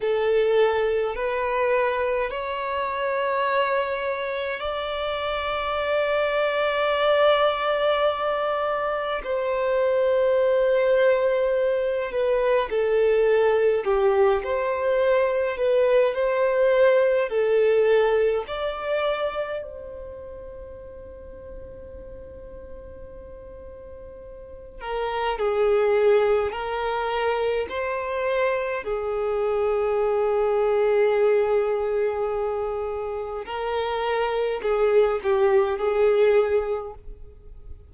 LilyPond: \new Staff \with { instrumentName = "violin" } { \time 4/4 \tempo 4 = 52 a'4 b'4 cis''2 | d''1 | c''2~ c''8 b'8 a'4 | g'8 c''4 b'8 c''4 a'4 |
d''4 c''2.~ | c''4. ais'8 gis'4 ais'4 | c''4 gis'2.~ | gis'4 ais'4 gis'8 g'8 gis'4 | }